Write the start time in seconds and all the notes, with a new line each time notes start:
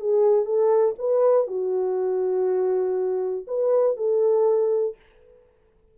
0.00 G#4
0.45 A4
0.99 B4
1.47 F#4
3.47 B4
3.97 A4